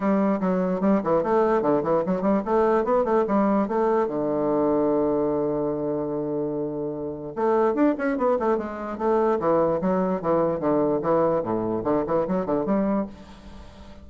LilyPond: \new Staff \with { instrumentName = "bassoon" } { \time 4/4 \tempo 4 = 147 g4 fis4 g8 e8 a4 | d8 e8 fis8 g8 a4 b8 a8 | g4 a4 d2~ | d1~ |
d2 a4 d'8 cis'8 | b8 a8 gis4 a4 e4 | fis4 e4 d4 e4 | a,4 d8 e8 fis8 d8 g4 | }